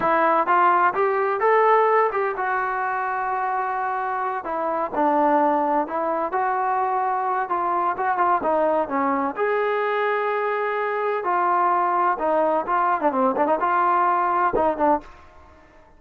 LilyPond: \new Staff \with { instrumentName = "trombone" } { \time 4/4 \tempo 4 = 128 e'4 f'4 g'4 a'4~ | a'8 g'8 fis'2.~ | fis'4. e'4 d'4.~ | d'8 e'4 fis'2~ fis'8 |
f'4 fis'8 f'8 dis'4 cis'4 | gis'1 | f'2 dis'4 f'8. d'16 | c'8 d'16 dis'16 f'2 dis'8 d'8 | }